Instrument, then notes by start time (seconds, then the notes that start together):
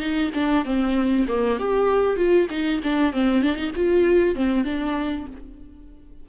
viola
0.00 D#4
0.35 D4
0.65 C4
1.29 A#3
1.60 G4
2.17 F4
2.51 D#4
2.84 D4
3.13 C4
3.43 D4
3.57 D#4
3.76 F4
4.36 C4
4.65 D4